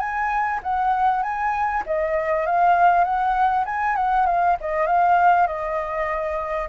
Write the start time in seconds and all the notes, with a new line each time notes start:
0.00 G#5
0.63 F#5
1.23 G#5
1.87 D#5
2.47 F5
3.04 F#5
3.66 G#5
3.96 F#5
4.27 F5
4.61 D#5
4.87 F5
5.47 D#5